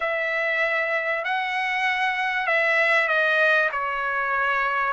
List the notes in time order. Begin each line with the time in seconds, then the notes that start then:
0.00 E5
1.24 F#5
2.46 E5
3.08 D#5
3.71 C#5